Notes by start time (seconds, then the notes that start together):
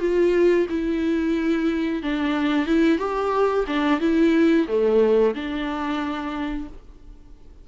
0.00 F4
0.69 E4
2.02 D4
2.66 E4
2.98 G4
3.67 D4
4.00 E4
4.68 A3
5.35 D4